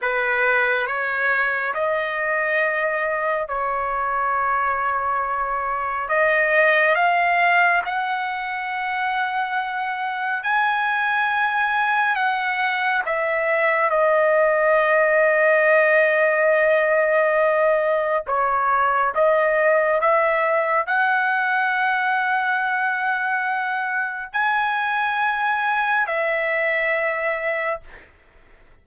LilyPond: \new Staff \with { instrumentName = "trumpet" } { \time 4/4 \tempo 4 = 69 b'4 cis''4 dis''2 | cis''2. dis''4 | f''4 fis''2. | gis''2 fis''4 e''4 |
dis''1~ | dis''4 cis''4 dis''4 e''4 | fis''1 | gis''2 e''2 | }